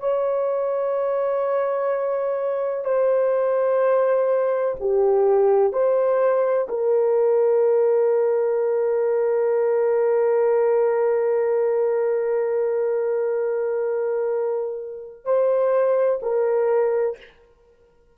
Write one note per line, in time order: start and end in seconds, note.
0.00 2.84 C#5
2.84 4.75 C5
4.80 5.73 G4
5.73 6.68 C5
6.69 15.25 A#4
15.25 16.20 C5
16.23 17.18 A#4